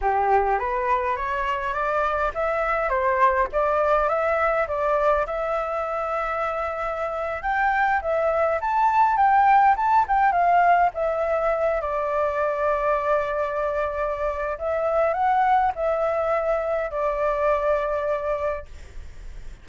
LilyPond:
\new Staff \with { instrumentName = "flute" } { \time 4/4 \tempo 4 = 103 g'4 b'4 cis''4 d''4 | e''4 c''4 d''4 e''4 | d''4 e''2.~ | e''8. g''4 e''4 a''4 g''16~ |
g''8. a''8 g''8 f''4 e''4~ e''16~ | e''16 d''2.~ d''8.~ | d''4 e''4 fis''4 e''4~ | e''4 d''2. | }